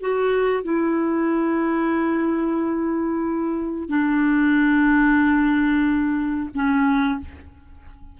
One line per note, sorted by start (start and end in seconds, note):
0.00 0.63 F#4
0.63 3.88 E4
3.88 6.49 D4
6.54 7.19 C#4